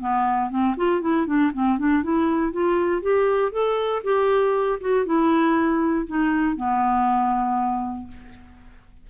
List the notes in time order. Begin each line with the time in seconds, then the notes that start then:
0.00 B3
0.50 C4
0.77 F4
1.01 E4
1.27 D4
1.53 C4
1.79 D4
2.03 E4
2.52 F4
3.02 G4
3.52 A4
4.03 G4
4.80 F#4
5.06 E4
6.07 D#4
6.56 B3